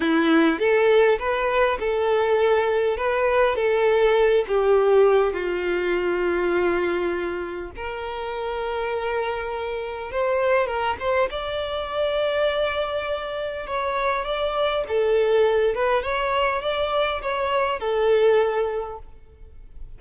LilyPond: \new Staff \with { instrumentName = "violin" } { \time 4/4 \tempo 4 = 101 e'4 a'4 b'4 a'4~ | a'4 b'4 a'4. g'8~ | g'4 f'2.~ | f'4 ais'2.~ |
ais'4 c''4 ais'8 c''8 d''4~ | d''2. cis''4 | d''4 a'4. b'8 cis''4 | d''4 cis''4 a'2 | }